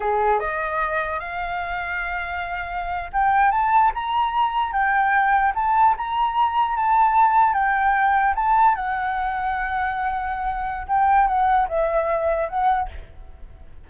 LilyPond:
\new Staff \with { instrumentName = "flute" } { \time 4/4 \tempo 4 = 149 gis'4 dis''2 f''4~ | f''2.~ f''8. g''16~ | g''8. a''4 ais''2 g''16~ | g''4.~ g''16 a''4 ais''4~ ais''16~ |
ais''8. a''2 g''4~ g''16~ | g''8. a''4 fis''2~ fis''16~ | fis''2. g''4 | fis''4 e''2 fis''4 | }